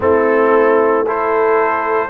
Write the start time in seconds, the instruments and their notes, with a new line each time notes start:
0.00 tuba A3, trombone C4, horn E4, trumpet A4
1.06 trombone E4, horn A4, trumpet C5